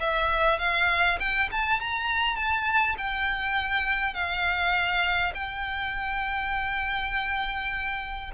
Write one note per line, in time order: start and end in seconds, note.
0.00 0.59 E5
0.59 1.19 F5
1.20 1.49 G5
1.52 1.80 A5
1.80 2.36 A#5
2.36 2.96 A5
2.98 4.14 G5
4.14 5.33 F5
5.34 8.31 G5